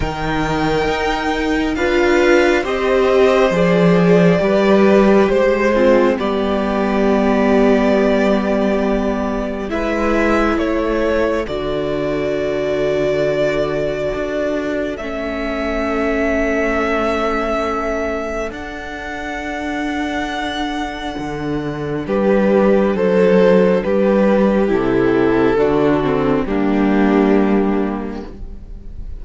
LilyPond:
<<
  \new Staff \with { instrumentName = "violin" } { \time 4/4 \tempo 4 = 68 g''2 f''4 dis''4 | d''2 c''4 d''4~ | d''2. e''4 | cis''4 d''2.~ |
d''4 e''2.~ | e''4 fis''2.~ | fis''4 b'4 c''4 b'4 | a'2 g'2 | }
  \new Staff \with { instrumentName = "violin" } { \time 4/4 ais'2 b'4 c''4~ | c''4 b'4 c''8 c'8 g'4~ | g'2. b'4 | a'1~ |
a'1~ | a'1~ | a'4 g'4 a'4 g'4~ | g'4 fis'4 d'2 | }
  \new Staff \with { instrumentName = "viola" } { \time 4/4 dis'2 f'4 g'4 | gis'4 g'4. f'8 b4~ | b2. e'4~ | e'4 fis'2.~ |
fis'4 cis'2.~ | cis'4 d'2.~ | d'1 | e'4 d'8 c'8 ais2 | }
  \new Staff \with { instrumentName = "cello" } { \time 4/4 dis4 dis'4 d'4 c'4 | f4 g4 gis4 g4~ | g2. gis4 | a4 d2. |
d'4 a2.~ | a4 d'2. | d4 g4 fis4 g4 | c4 d4 g2 | }
>>